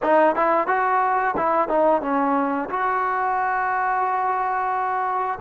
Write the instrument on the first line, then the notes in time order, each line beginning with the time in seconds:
trombone
0.02 D#4
0.35 E4
0.67 F#4
1.36 E4
1.68 D#4
2.01 C#4
2.69 F#4